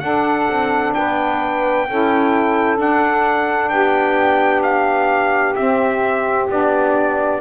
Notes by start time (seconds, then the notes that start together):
0.00 D4 A4 F#5
0.49 C4
0.94 B3 B4 G5
1.88 C#4 E4 A4
2.77 D4 F#5
3.70 B3 G4 G5
4.63 F5
5.56 C4 E5
6.49 B3 D4 D5